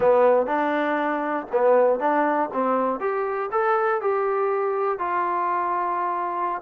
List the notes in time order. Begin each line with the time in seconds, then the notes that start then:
0.00 B3
0.46 D4
1.51 B3
1.99 D4
2.53 C4
3.00 G4
3.51 A4
4.01 G4
4.99 F4